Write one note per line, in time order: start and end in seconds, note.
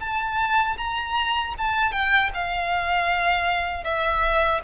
0.00 0.77 A5
0.78 1.55 A#5
1.58 1.92 A5
1.92 2.30 G5
2.34 3.84 F5
3.84 4.61 E5